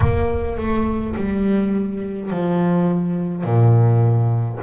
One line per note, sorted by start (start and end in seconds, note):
0.00 0.57 A#3
0.57 1.15 A3
1.15 2.30 G3
2.30 3.44 F3
3.44 4.59 A#2